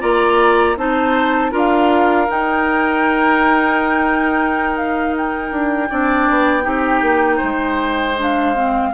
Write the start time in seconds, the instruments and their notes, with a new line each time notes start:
0.00 bassoon A#3, clarinet F4, oboe D5, flute A#5
0.76 bassoon C4, clarinet D#4, oboe C5, flute A5
1.51 bassoon D4, clarinet F4, oboe A#4
1.57 flute F5
2.28 clarinet D#4, bassoon D#4, flute G5
4.77 flute F5
5.16 flute G5
5.51 bassoon D4
5.89 bassoon C4, clarinet D4, oboe D5
6.29 bassoon B3
6.62 bassoon C4, clarinet D#4, oboe G4
7.01 bassoon A#3
7.37 oboe C5
7.43 bassoon G#3
8.18 clarinet D4, flute F5
8.54 clarinet C4